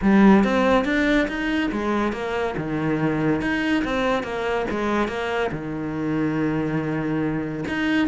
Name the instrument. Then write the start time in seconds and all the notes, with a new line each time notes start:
cello
0.01 G3
0.44 C4
0.85 D4
1.27 D#4
1.71 G#3
2.12 A#3
2.57 D#3
3.41 D#4
3.84 C4
4.23 A#3
4.70 G#3
5.08 A#3
5.51 D#3
7.68 D#4